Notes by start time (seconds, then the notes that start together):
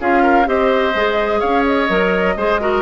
0.00 C#4 F4 G#4 F5
0.22 A#4
0.45 C4 G4 C5 D#5
0.94 G#3 G#4
1.39 C#4 C#5 F5
1.65 D#5
1.88 F#3 A#4
2.36 G#3 G#4 C5
2.60 F#4 A#4